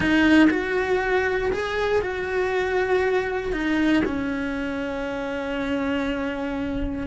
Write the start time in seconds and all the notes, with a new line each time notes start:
0.00 D#4
0.50 F#4
1.51 G#4
2.01 F#4
3.52 D#4
4.05 C#4